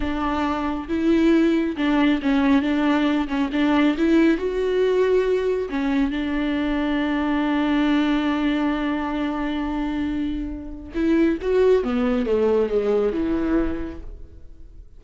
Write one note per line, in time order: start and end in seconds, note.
0.00 0.88 D4
0.88 1.76 E4
1.77 2.20 D4
2.22 2.62 C#4
2.62 3.27 D4
3.28 3.50 C#4
3.52 3.96 D4
3.97 4.37 E4
4.37 5.68 F#4
5.69 6.10 C#4
6.10 10.92 D4
10.94 11.38 E4
11.41 11.83 F#4
11.83 12.25 B3
12.25 12.69 A3
12.69 13.13 G#3
13.13 14.00 E3